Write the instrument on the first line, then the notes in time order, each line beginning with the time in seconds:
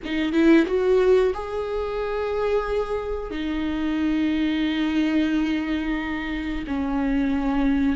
viola
0.04 D#4
0.32 E4
0.66 F#4
1.33 G#4
3.31 D#4
6.67 C#4